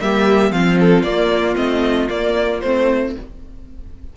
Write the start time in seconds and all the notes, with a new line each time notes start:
0.00 G3 A#3 G4 E5
0.51 F3 C4 F4 F5
0.80 A4
1.02 A#3 D5
1.55 A3 C4 D#5
2.09 A#3 D5
2.61 A3 C4 C5